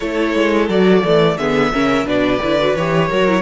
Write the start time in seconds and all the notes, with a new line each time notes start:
0.00 A3 E4 A4 C#5
0.34 G#3
0.69 F#3 F#4 D5
1.02 E3 A3
1.37 D3 B3 G#4 E5
1.73 C#3 C#4 A#4
2.04 B2 D4 B4 D5
2.42 D3 E4
2.59 F#4
2.75 E3 G4 C#5
3.08 F#3 F#4 A#4
3.28 E4